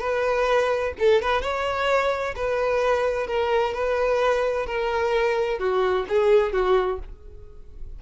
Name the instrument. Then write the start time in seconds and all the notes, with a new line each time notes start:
violin
0.00 B4
0.99 A4
1.22 B4
1.42 C#5
2.36 B4
3.27 A#4
3.74 B4
4.67 A#4
5.59 F#4
6.09 G#4
6.53 F#4